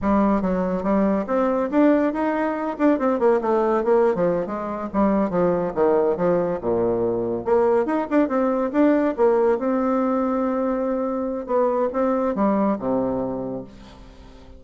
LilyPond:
\new Staff \with { instrumentName = "bassoon" } { \time 4/4 \tempo 4 = 141 g4 fis4 g4 c'4 | d'4 dis'4. d'8 c'8 ais8 | a4 ais8. f8. gis4 g8~ | g8 f4 dis4 f4 ais,8~ |
ais,4. ais4 dis'8 d'8 c'8~ | c'8 d'4 ais4 c'4.~ | c'2. b4 | c'4 g4 c2 | }